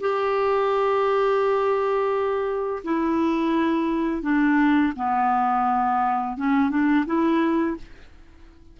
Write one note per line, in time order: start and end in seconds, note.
0.00 2.82 G4
2.84 4.22 E4
4.22 4.93 D4
4.96 6.37 B3
6.37 6.69 C#4
6.69 7.05 D4
7.06 7.76 E4